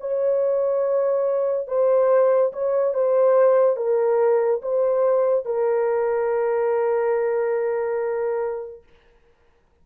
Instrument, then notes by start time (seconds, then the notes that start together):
horn
0.00 C#5
1.68 C5
2.53 C#5
2.94 C5
3.76 A#4
4.62 C5
5.45 A#4